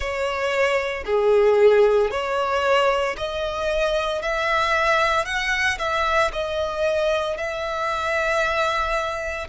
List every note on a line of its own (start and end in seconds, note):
0.00 1.04 C#5
1.05 2.11 G#4
2.11 3.16 C#5
3.17 4.22 D#5
4.22 5.25 E5
5.25 5.78 F#5
5.78 6.31 E5
6.32 7.37 D#5
7.37 9.47 E5